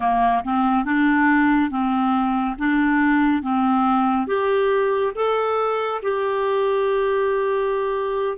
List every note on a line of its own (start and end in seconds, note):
0.00 0.43 A#3
0.44 0.84 C4
0.84 1.70 D4
1.70 2.56 C4
2.58 3.42 D4
3.42 4.27 C4
4.27 5.12 G4
5.15 6.01 A4
6.02 8.37 G4